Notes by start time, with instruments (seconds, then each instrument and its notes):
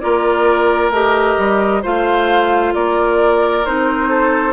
0.00 bassoon A#3, clarinet F4, oboe A#4, flute D5
0.90 bassoon A3, clarinet G4, flute D#5
1.38 bassoon G3
1.82 bassoon A3, clarinet F4, oboe C5, flute F5
2.74 bassoon A#3, oboe A#4, flute D5
3.65 bassoon C4, clarinet D#4, flute C5
4.09 oboe A4